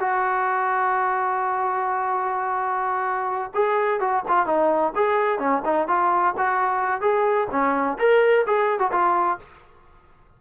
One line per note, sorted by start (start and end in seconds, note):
0.00 3.52 F#4
3.55 4.00 G#4
4.00 4.24 F#4
4.29 4.46 F4
4.46 4.93 D#4
4.96 5.39 G#4
5.39 5.62 C#4
5.65 5.88 D#4
5.88 6.35 F4
6.38 7.01 F#4
7.01 7.48 G#4
7.51 7.98 C#4
7.99 8.46 A#4
8.47 8.79 G#4
8.79 8.91 F#4
8.92 9.39 F4